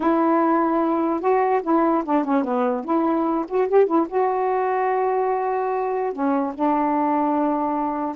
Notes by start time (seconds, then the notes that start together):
0.00 E4
1.20 F#4
1.62 E4
2.04 D4
2.24 C#4
2.44 B3
2.84 E4
3.48 F#4
3.68 G4
3.86 E4
4.08 F#4
6.12 C#4
6.54 D4